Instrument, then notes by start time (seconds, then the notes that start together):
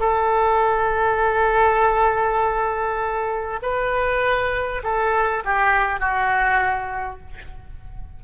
oboe
0.00 A4
3.62 B4
4.84 A4
5.45 G4
6.00 F#4